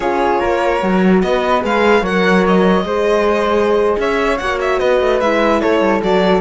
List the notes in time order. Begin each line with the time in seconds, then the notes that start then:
0.00 C#4 F4 G#4 C#5
0.39 A#3 A#4
0.81 F#3 F#4
1.21 B3 B4 D#5
1.60 G#3 G#4 F5
2.02 F#3 A#4 C#5 F#5
2.46 D#5
2.84 G#3 G#4 C5
3.98 C#4 C#5 E5
4.37 A#3 F#4 F#5
4.60 E5
4.79 B3 B4 D#5
5.00 A3
5.20 G#3 E4 E5
5.60 A3 A4 C#5
5.80 G3
6.01 F#3 F#4 D5